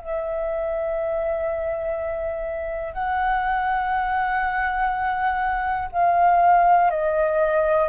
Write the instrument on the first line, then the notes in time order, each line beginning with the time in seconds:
flute
0.00 E5
2.93 F#5
5.92 F5
6.90 D#5